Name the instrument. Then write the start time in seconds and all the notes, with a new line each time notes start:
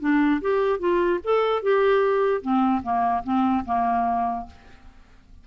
clarinet
0.00 D4
0.41 G4
0.79 F4
1.24 A4
1.62 G4
2.41 C4
2.82 A#3
3.24 C4
3.65 A#3